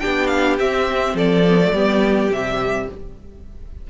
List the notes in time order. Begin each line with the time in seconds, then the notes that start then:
0.00 B3 D4 G4 G5
0.27 F5
0.58 C4 E5
1.14 F3 A4 D5
1.48 B3
1.61 A3
1.73 G3 B3 G4
2.31 C3 G3 E5